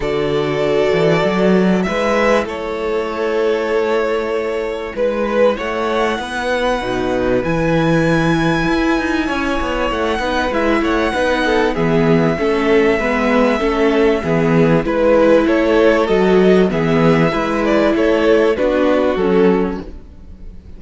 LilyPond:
<<
  \new Staff \with { instrumentName = "violin" } { \time 4/4 \tempo 4 = 97 d''2. e''4 | cis''1 | b'4 fis''2. | gis''1 |
fis''4 e''8 fis''4. e''4~ | e''1 | b'4 cis''4 dis''4 e''4~ | e''8 d''8 cis''4 b'4 a'4 | }
  \new Staff \with { instrumentName = "violin" } { \time 4/4 a'2. b'4 | a'1 | b'4 cis''4 b'2~ | b'2. cis''4~ |
cis''8 b'4 cis''8 b'8 a'8 gis'4 | a'4 b'4 a'4 gis'4 | b'4 a'2 gis'4 | b'4 a'4 fis'2 | }
  \new Staff \with { instrumentName = "viola" } { \time 4/4 fis'2. e'4~ | e'1~ | e'2. dis'4 | e'1~ |
e'8 dis'8 e'4 dis'4 b4 | cis'4 b4 cis'4 b4 | e'2 fis'4 b4 | e'2 d'4 cis'4 | }
  \new Staff \with { instrumentName = "cello" } { \time 4/4 d4. e8 fis4 gis4 | a1 | gis4 a4 b4 b,4 | e2 e'8 dis'8 cis'8 b8 |
a8 b8 gis8 a8 b4 e4 | a4 gis4 a4 e4 | gis4 a4 fis4 e4 | gis4 a4 b4 fis4 | }
>>